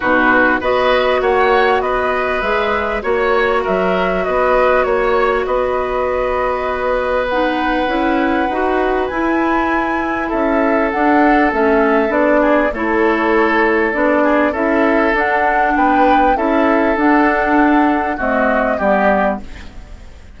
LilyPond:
<<
  \new Staff \with { instrumentName = "flute" } { \time 4/4 \tempo 4 = 99 b'4 dis''4 fis''4 dis''4 | e''4 cis''4 e''4 dis''4 | cis''4 dis''2. | fis''2. gis''4~ |
gis''4 e''4 fis''4 e''4 | d''4 cis''2 d''4 | e''4 fis''4 g''4 e''4 | fis''2 dis''4 d''4 | }
  \new Staff \with { instrumentName = "oboe" } { \time 4/4 fis'4 b'4 cis''4 b'4~ | b'4 cis''4 ais'4 b'4 | cis''4 b'2.~ | b'1~ |
b'4 a'2.~ | a'8 gis'8 a'2~ a'8 gis'8 | a'2 b'4 a'4~ | a'2 fis'4 g'4 | }
  \new Staff \with { instrumentName = "clarinet" } { \time 4/4 dis'4 fis'2. | gis'4 fis'2.~ | fis'1 | dis'4 e'4 fis'4 e'4~ |
e'2 d'4 cis'4 | d'4 e'2 d'4 | e'4 d'2 e'4 | d'2 a4 b4 | }
  \new Staff \with { instrumentName = "bassoon" } { \time 4/4 b,4 b4 ais4 b4 | gis4 ais4 fis4 b4 | ais4 b2.~ | b4 cis'4 dis'4 e'4~ |
e'4 cis'4 d'4 a4 | b4 a2 b4 | cis'4 d'4 b4 cis'4 | d'2 c'4 g4 | }
>>